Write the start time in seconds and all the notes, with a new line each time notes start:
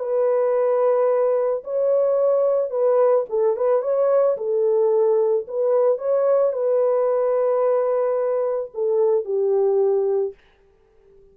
0.00 B4
1.65 C#5
2.71 B4
3.30 A4
3.57 B4
3.83 C#5
4.38 A4
5.48 B4
5.99 C#5
6.53 B4
8.74 A4
9.25 G4